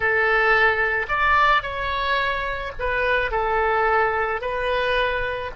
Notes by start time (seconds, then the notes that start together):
0.00 A4
1.08 D5
1.62 C#5
2.79 B4
3.31 A4
4.41 B4